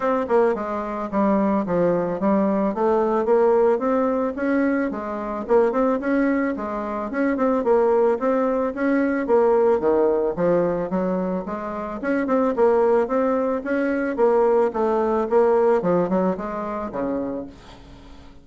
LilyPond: \new Staff \with { instrumentName = "bassoon" } { \time 4/4 \tempo 4 = 110 c'8 ais8 gis4 g4 f4 | g4 a4 ais4 c'4 | cis'4 gis4 ais8 c'8 cis'4 | gis4 cis'8 c'8 ais4 c'4 |
cis'4 ais4 dis4 f4 | fis4 gis4 cis'8 c'8 ais4 | c'4 cis'4 ais4 a4 | ais4 f8 fis8 gis4 cis4 | }